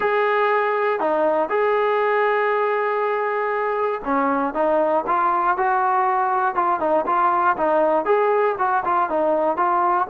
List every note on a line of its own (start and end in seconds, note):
0.00 0.99 G#4
0.99 1.49 D#4
1.49 4.01 G#4
4.04 4.54 C#4
4.54 5.04 D#4
5.06 5.57 F4
5.57 6.55 F#4
6.55 6.80 F4
6.80 7.05 D#4
7.06 7.56 F4
7.56 8.05 D#4
8.05 8.55 G#4
8.58 8.83 F#4
8.85 9.09 F4
9.09 9.56 D#4
9.56 10.07 F4